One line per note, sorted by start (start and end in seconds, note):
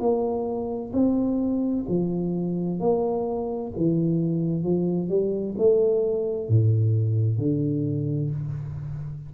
0.00 0.92 A#3
0.93 1.85 C4
1.89 2.80 F3
2.80 3.73 A#3
3.77 4.64 E3
4.64 5.09 F3
5.09 5.56 G3
5.58 6.49 A3
6.49 7.39 A2
7.39 8.31 D3